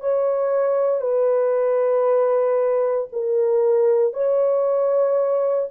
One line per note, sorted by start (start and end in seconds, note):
0.00 1.01 C#5
1.01 3.08 B4
3.12 4.13 A#4
4.13 5.68 C#5